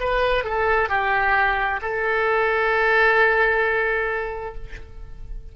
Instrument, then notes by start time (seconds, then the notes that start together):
oboe
0.00 B4
0.44 A4
0.89 G4
1.82 A4